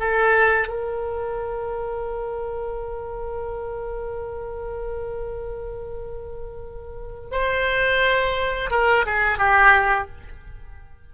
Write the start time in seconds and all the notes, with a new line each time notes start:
0.00 A4
0.68 A#4
7.31 C5
8.71 A#4
9.06 G#4
9.38 G4